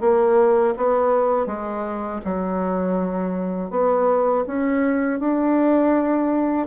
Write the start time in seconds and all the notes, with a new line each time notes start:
0.00 A#3
0.76 B3
1.46 G#3
2.25 F#3
3.70 B3
4.46 C#4
5.20 D4